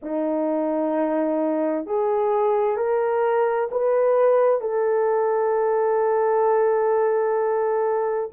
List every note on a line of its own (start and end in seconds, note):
0.02 1.86 D#4
1.86 2.77 G#4
2.77 3.69 A#4
3.71 4.61 B4
4.61 8.30 A4